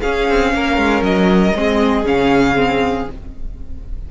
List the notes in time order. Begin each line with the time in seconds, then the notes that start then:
0.00 C#4 G#4 F5
0.28 C4
0.53 A#3 A#4
0.77 G#3
1.01 F#3 D#5
1.54 G#3 C4 G#4
2.04 C#3 C#4 F5
2.55 C4